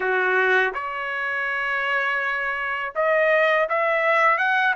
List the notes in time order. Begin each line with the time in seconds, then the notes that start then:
0.00 F#4
0.74 C#5
2.95 D#5
3.69 E5
4.37 F#5